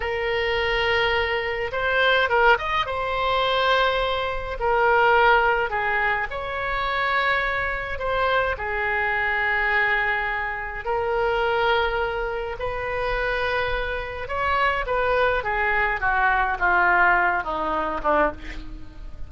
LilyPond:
\new Staff \with { instrumentName = "oboe" } { \time 4/4 \tempo 4 = 105 ais'2. c''4 | ais'8 dis''8 c''2. | ais'2 gis'4 cis''4~ | cis''2 c''4 gis'4~ |
gis'2. ais'4~ | ais'2 b'2~ | b'4 cis''4 b'4 gis'4 | fis'4 f'4. dis'4 d'8 | }